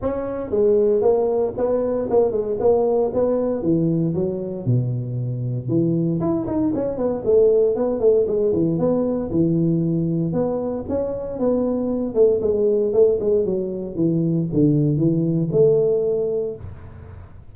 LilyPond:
\new Staff \with { instrumentName = "tuba" } { \time 4/4 \tempo 4 = 116 cis'4 gis4 ais4 b4 | ais8 gis8 ais4 b4 e4 | fis4 b,2 e4 | e'8 dis'8 cis'8 b8 a4 b8 a8 |
gis8 e8 b4 e2 | b4 cis'4 b4. a8 | gis4 a8 gis8 fis4 e4 | d4 e4 a2 | }